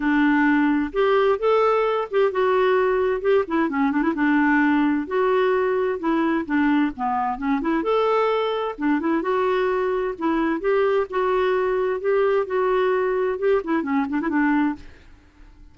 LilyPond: \new Staff \with { instrumentName = "clarinet" } { \time 4/4 \tempo 4 = 130 d'2 g'4 a'4~ | a'8 g'8 fis'2 g'8 e'8 | cis'8 d'16 e'16 d'2 fis'4~ | fis'4 e'4 d'4 b4 |
cis'8 e'8 a'2 d'8 e'8 | fis'2 e'4 g'4 | fis'2 g'4 fis'4~ | fis'4 g'8 e'8 cis'8 d'16 e'16 d'4 | }